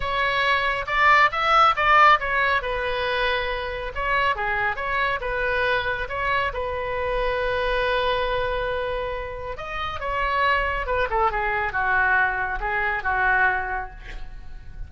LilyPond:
\new Staff \with { instrumentName = "oboe" } { \time 4/4 \tempo 4 = 138 cis''2 d''4 e''4 | d''4 cis''4 b'2~ | b'4 cis''4 gis'4 cis''4 | b'2 cis''4 b'4~ |
b'1~ | b'2 dis''4 cis''4~ | cis''4 b'8 a'8 gis'4 fis'4~ | fis'4 gis'4 fis'2 | }